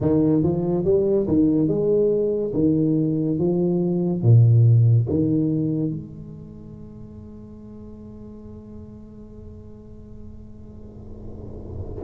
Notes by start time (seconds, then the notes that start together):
0.00 D#3
0.43 F3
0.84 G3
1.27 D#3
1.67 G#3
2.54 D#3
3.38 F3
4.22 A#2
5.09 D#3
5.90 G#3